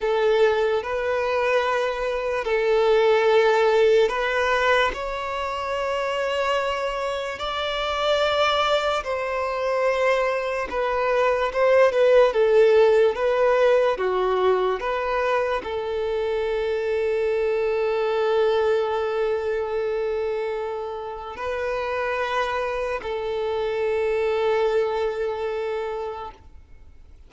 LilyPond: \new Staff \with { instrumentName = "violin" } { \time 4/4 \tempo 4 = 73 a'4 b'2 a'4~ | a'4 b'4 cis''2~ | cis''4 d''2 c''4~ | c''4 b'4 c''8 b'8 a'4 |
b'4 fis'4 b'4 a'4~ | a'1~ | a'2 b'2 | a'1 | }